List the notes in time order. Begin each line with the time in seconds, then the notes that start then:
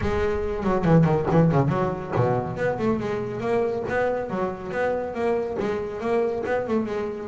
0.01 G#3
0.63 F#3
0.84 E3
1.04 D#3
1.31 E3
1.51 C#3
1.68 F#3
2.15 B2
2.56 B3
2.78 A3
2.99 G#3
3.40 A#3
3.88 B3
4.30 F#3
4.71 B3
5.14 A#3
5.59 G#3
6.00 A#3
6.46 B3
6.67 A3
6.86 G#3